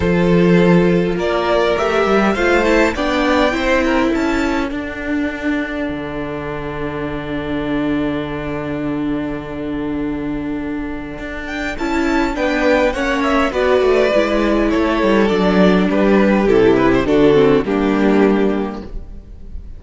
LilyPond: <<
  \new Staff \with { instrumentName = "violin" } { \time 4/4 \tempo 4 = 102 c''2 d''4 e''4 | f''8 a''8 g''2 a''4 | fis''1~ | fis''1~ |
fis''2.~ fis''8 g''8 | a''4 g''4 fis''8 e''8 d''4~ | d''4 cis''4 d''4 b'4 | a'8 b'16 c''16 a'4 g'2 | }
  \new Staff \with { instrumentName = "violin" } { \time 4/4 a'2 ais'2 | c''4 d''4 c''8 ais'8 a'4~ | a'1~ | a'1~ |
a'1~ | a'4 b'4 cis''4 b'4~ | b'4 a'2 g'4~ | g'4 fis'4 d'2 | }
  \new Staff \with { instrumentName = "viola" } { \time 4/4 f'2. g'4 | f'8 e'8 d'4 e'2 | d'1~ | d'1~ |
d'1 | e'4 d'4 cis'4 fis'4 | e'2 d'2 | e'4 d'8 c'8 ais2 | }
  \new Staff \with { instrumentName = "cello" } { \time 4/4 f2 ais4 a8 g8 | a4 b4 c'4 cis'4 | d'2 d2~ | d1~ |
d2. d'4 | cis'4 b4 ais4 b8 a8 | gis4 a8 g8 fis4 g4 | c4 d4 g2 | }
>>